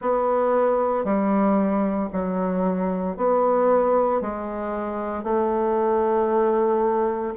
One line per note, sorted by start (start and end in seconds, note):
0.01 1.04 B3
1.04 2.09 G3
2.12 3.16 F#3
3.16 4.21 B3
4.21 5.23 G#3
5.23 7.34 A3